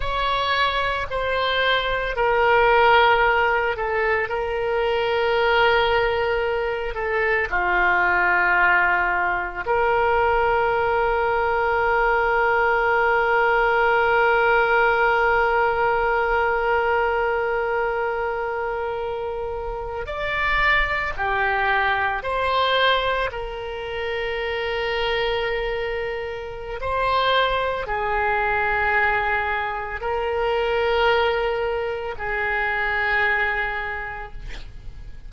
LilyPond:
\new Staff \with { instrumentName = "oboe" } { \time 4/4 \tempo 4 = 56 cis''4 c''4 ais'4. a'8 | ais'2~ ais'8 a'8 f'4~ | f'4 ais'2.~ | ais'1~ |
ais'2~ ais'8. d''4 g'16~ | g'8. c''4 ais'2~ ais'16~ | ais'4 c''4 gis'2 | ais'2 gis'2 | }